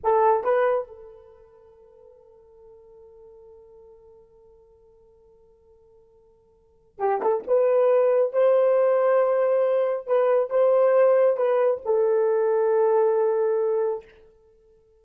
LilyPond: \new Staff \with { instrumentName = "horn" } { \time 4/4 \tempo 4 = 137 a'4 b'4 a'2~ | a'1~ | a'1~ | a'1 |
g'8 a'8 b'2 c''4~ | c''2. b'4 | c''2 b'4 a'4~ | a'1 | }